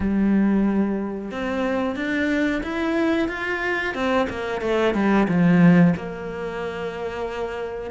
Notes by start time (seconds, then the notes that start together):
0.00 G3
1.31 C4
1.95 D4
2.63 E4
3.28 F4
3.94 C4
4.29 A#3
4.61 A3
4.94 G3
5.27 F3
5.96 A#3